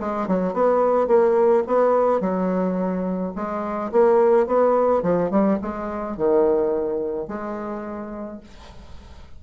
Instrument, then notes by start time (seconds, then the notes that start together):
bassoon
0.00 G#3
0.28 F#3
0.54 B3
1.08 A#3
1.67 B3
2.21 F#3
3.36 G#3
3.92 A#3
4.47 B3
5.03 F3
5.31 G3
5.62 G#3
6.17 D#3
7.28 G#3